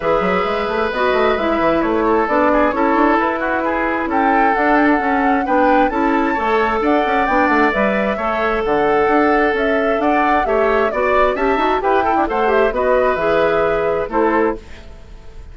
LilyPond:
<<
  \new Staff \with { instrumentName = "flute" } { \time 4/4 \tempo 4 = 132 e''2 dis''4 e''4 | cis''4 d''4 cis''4 b'4~ | b'4 g''4 fis''8 g''16 fis''4~ fis''16 | g''4 a''2 fis''4 |
g''8 fis''8 e''2 fis''4~ | fis''4 e''4 fis''4 e''4 | d''4 a''4 g''4 fis''8 e''8 | dis''4 e''2 c''4 | }
  \new Staff \with { instrumentName = "oboe" } { \time 4/4 b'1~ | b'8 a'4 gis'8 a'4. fis'8 | gis'4 a'2. | b'4 a'4 cis''4 d''4~ |
d''2 cis''4 a'4~ | a'2 d''4 cis''4 | d''4 e''4 b'8 a'16 d'16 c''4 | b'2. a'4 | }
  \new Staff \with { instrumentName = "clarinet" } { \time 4/4 gis'2 fis'4 e'4~ | e'4 d'4 e'2~ | e'2 d'4 cis'4 | d'4 e'4 a'2 |
d'4 b'4 a'2~ | a'2. g'4 | fis'4 g'8 fis'8 g'8 e'8 a'8 g'8 | fis'4 gis'2 e'4 | }
  \new Staff \with { instrumentName = "bassoon" } { \time 4/4 e8 fis8 gis8 a8 b8 a8 gis8 e8 | a4 b4 cis'8 d'8 e'4~ | e'4 cis'4 d'4 cis'4 | b4 cis'4 a4 d'8 cis'8 |
b8 a8 g4 a4 d4 | d'4 cis'4 d'4 a4 | b4 cis'8 dis'8 e'4 a4 | b4 e2 a4 | }
>>